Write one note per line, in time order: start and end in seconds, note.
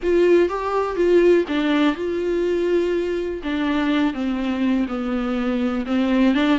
0.02 0.49 F4
0.49 0.96 G4
0.96 1.44 F4
1.48 1.95 D4
1.95 3.42 F4
3.43 4.13 D4
4.13 4.86 C4
4.88 5.85 B3
5.86 6.34 C4
6.34 6.58 D4